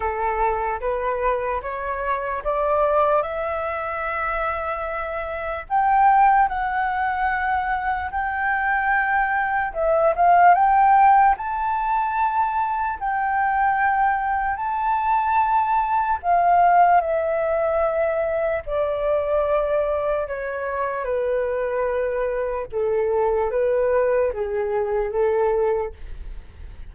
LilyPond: \new Staff \with { instrumentName = "flute" } { \time 4/4 \tempo 4 = 74 a'4 b'4 cis''4 d''4 | e''2. g''4 | fis''2 g''2 | e''8 f''8 g''4 a''2 |
g''2 a''2 | f''4 e''2 d''4~ | d''4 cis''4 b'2 | a'4 b'4 gis'4 a'4 | }